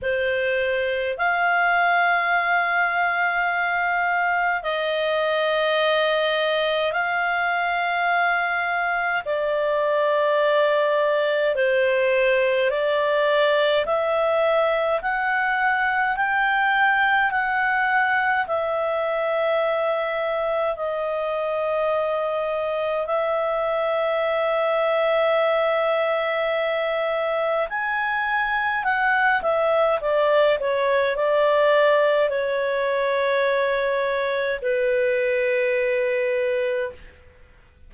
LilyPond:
\new Staff \with { instrumentName = "clarinet" } { \time 4/4 \tempo 4 = 52 c''4 f''2. | dis''2 f''2 | d''2 c''4 d''4 | e''4 fis''4 g''4 fis''4 |
e''2 dis''2 | e''1 | gis''4 fis''8 e''8 d''8 cis''8 d''4 | cis''2 b'2 | }